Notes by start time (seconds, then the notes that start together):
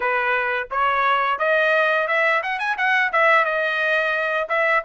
0.00 B4
0.71 C#5
1.38 D#5
2.07 E5
2.42 F#5
2.59 G#5
2.77 F#5
3.12 E5
3.44 D#5
4.48 E5